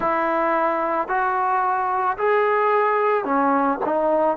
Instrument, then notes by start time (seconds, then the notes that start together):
trombone
0.00 E4
1.08 F#4
2.17 G#4
3.24 C#4
3.85 D#4